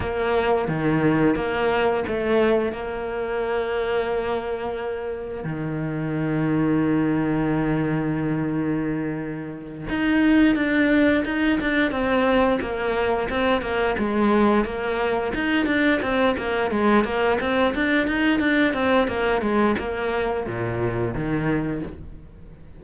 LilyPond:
\new Staff \with { instrumentName = "cello" } { \time 4/4 \tempo 4 = 88 ais4 dis4 ais4 a4 | ais1 | dis1~ | dis2~ dis8 dis'4 d'8~ |
d'8 dis'8 d'8 c'4 ais4 c'8 | ais8 gis4 ais4 dis'8 d'8 c'8 | ais8 gis8 ais8 c'8 d'8 dis'8 d'8 c'8 | ais8 gis8 ais4 ais,4 dis4 | }